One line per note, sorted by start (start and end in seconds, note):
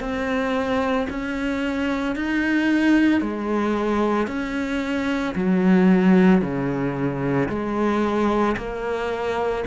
0.00 1.07 C4
1.10 2.16 C#4
2.16 3.21 D#4
3.21 4.27 G#3
4.27 5.34 C#4
5.35 6.41 F#3
6.41 7.49 C#3
7.49 8.56 G#3
8.57 9.64 A#3